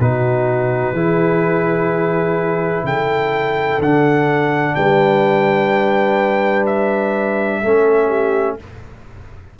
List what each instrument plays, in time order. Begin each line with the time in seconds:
0.00 tuba B2, trombone D#4, horn F#4, trumpet B4
0.93 tuba E3, trombone E4, horn G#4
2.84 tuba C#3, horn A4, trumpet G5
3.80 tuba D3, trombone D4, trumpet F#5
4.75 tuba G3, horn B4, trumpet G5
6.66 trumpet E5
7.62 tuba A3, trombone C#4, horn A4
8.08 horn G4